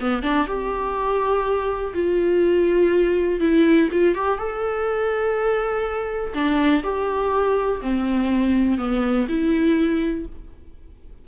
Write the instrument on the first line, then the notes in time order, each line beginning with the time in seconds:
viola
0.00 B3
0.23 D4
0.47 G4
1.94 F4
3.40 E4
3.92 F4
4.15 G4
4.38 A4
6.34 D4
6.83 G4
7.81 C4
8.78 B3
9.28 E4